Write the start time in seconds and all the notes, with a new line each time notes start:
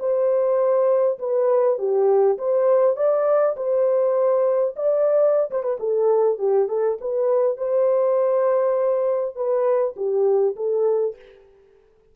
0.00 C5
1.19 B4
1.79 G4
2.38 C5
2.97 D5
3.57 C5
4.77 D5
5.51 C5
5.63 B4
5.80 A4
6.39 G4
6.69 A4
7.01 B4
7.58 C5
9.36 B4
9.97 G4
10.57 A4